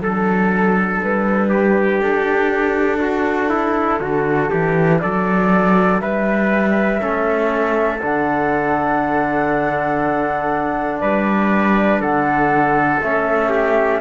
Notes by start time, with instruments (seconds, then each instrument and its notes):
0.00 cello F#3, trombone D4, flute A4, trumpet A4
1.03 cello G3, flute B4
1.49 trumpet G4
2.01 cello D4, flute A4
3.00 trumpet F#4
3.49 trumpet E4
4.00 cello D3, trumpet F#4
4.50 cello E3, trumpet G4
5.00 cello F#3, trumpet A4, flute D5
6.01 cello G3, trumpet B4, flute E5
7.00 cello A3, trombone C#4, trumpet A4
8.01 cello D3, trombone D4, flute F#5
11.00 cello G3, trumpet B4, flute D5
12.01 cello D3, trumpet A4, flute F#5
13.01 cello A3, trombone C#4, flute E5
13.50 trumpet G4